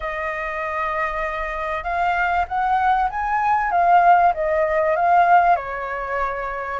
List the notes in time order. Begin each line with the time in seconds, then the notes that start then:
0.00 D#5
1.83 F5
2.47 F#5
3.10 G#5
3.71 F5
4.34 D#5
4.95 F5
5.55 C#5